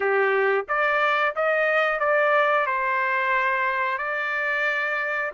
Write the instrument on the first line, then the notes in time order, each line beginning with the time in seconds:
trumpet
0.00 G4
0.68 D5
1.35 D#5
1.99 D5
2.66 C5
3.98 D5